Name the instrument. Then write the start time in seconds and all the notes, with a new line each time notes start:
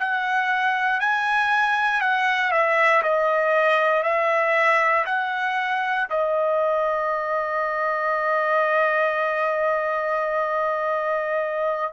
trumpet
0.00 F#5
1.01 G#5
2.02 F#5
2.52 E5
3.03 D#5
4.04 E5
5.06 F#5
6.10 D#5